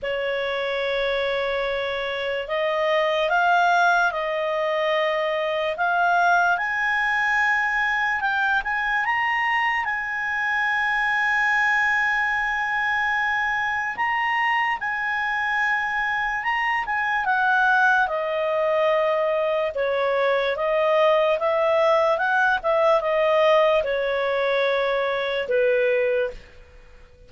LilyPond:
\new Staff \with { instrumentName = "clarinet" } { \time 4/4 \tempo 4 = 73 cis''2. dis''4 | f''4 dis''2 f''4 | gis''2 g''8 gis''8 ais''4 | gis''1~ |
gis''4 ais''4 gis''2 | ais''8 gis''8 fis''4 dis''2 | cis''4 dis''4 e''4 fis''8 e''8 | dis''4 cis''2 b'4 | }